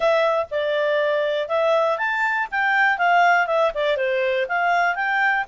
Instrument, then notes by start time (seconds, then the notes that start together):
clarinet
0.00 E5
0.50 D5
1.48 E5
1.97 A5
2.51 G5
2.98 F5
3.46 E5
3.74 D5
3.96 C5
4.48 F5
4.95 G5